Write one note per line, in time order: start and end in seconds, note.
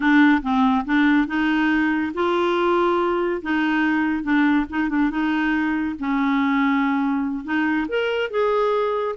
0.00 0.41 D4
0.42 0.85 C4
0.85 1.27 D4
1.27 2.12 D#4
2.14 3.41 F4
3.42 4.23 D#4
4.23 4.65 D4
4.69 4.89 D#4
4.89 5.10 D4
5.10 5.95 D#4
5.99 7.44 C#4
7.44 7.86 D#4
7.88 8.30 A#4
8.30 9.15 G#4